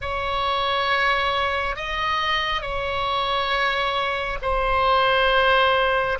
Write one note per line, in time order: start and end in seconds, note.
0.01 1.76 C#5
1.76 2.61 D#5
2.61 4.38 C#5
4.42 6.18 C5